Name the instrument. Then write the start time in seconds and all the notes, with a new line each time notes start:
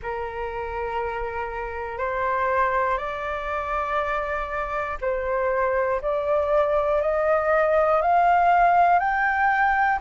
flute
0.02 A#4
1.97 C5
2.97 D5
5.00 C5
6.01 D5
7.01 D#5
8.01 F5
8.99 G5